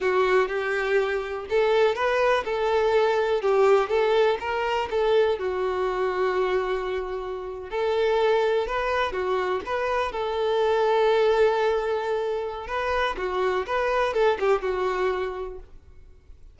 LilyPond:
\new Staff \with { instrumentName = "violin" } { \time 4/4 \tempo 4 = 123 fis'4 g'2 a'4 | b'4 a'2 g'4 | a'4 ais'4 a'4 fis'4~ | fis'2.~ fis'8. a'16~ |
a'4.~ a'16 b'4 fis'4 b'16~ | b'8. a'2.~ a'16~ | a'2 b'4 fis'4 | b'4 a'8 g'8 fis'2 | }